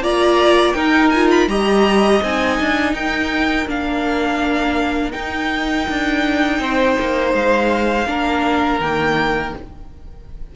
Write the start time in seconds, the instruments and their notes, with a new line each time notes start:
0.00 cello A#3, viola F4, violin D5 A#5
0.72 cello D#4, viola D#4, violin A#4 G5
1.09 viola F4, violin G#5
1.30 violin B5
1.47 cello G3, viola G4, violin D#5 A#5
2.23 cello C4, viola D#4, violin G#5
2.60 cello D4
2.93 cello D#4, violin A#4 G5
3.67 cello A#3, viola D4, violin F5
5.11 viola D#4, cello D#4, violin G5
5.89 cello D4
6.59 cello C4, violin C5
7.00 cello A#3
7.34 cello G#3, violin F5
8.06 cello A#3, viola D4, violin A#4
8.79 cello D#3, viola A#3, violin G5